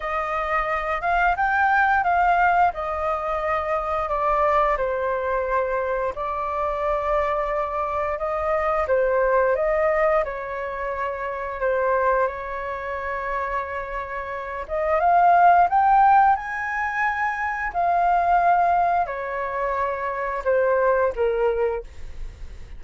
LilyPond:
\new Staff \with { instrumentName = "flute" } { \time 4/4 \tempo 4 = 88 dis''4. f''8 g''4 f''4 | dis''2 d''4 c''4~ | c''4 d''2. | dis''4 c''4 dis''4 cis''4~ |
cis''4 c''4 cis''2~ | cis''4. dis''8 f''4 g''4 | gis''2 f''2 | cis''2 c''4 ais'4 | }